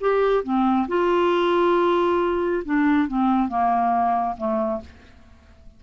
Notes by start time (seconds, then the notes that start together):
0.00 G4
0.43 C4
0.88 F4
2.64 D4
3.08 C4
3.48 A#3
4.37 A3